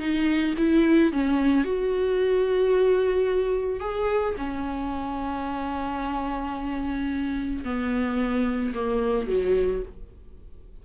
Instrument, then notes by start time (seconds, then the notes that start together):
viola
0.00 D#4
0.58 E4
1.13 C#4
1.65 F#4
3.80 G#4
4.38 C#4
7.65 B3
8.75 A#3
9.28 F#3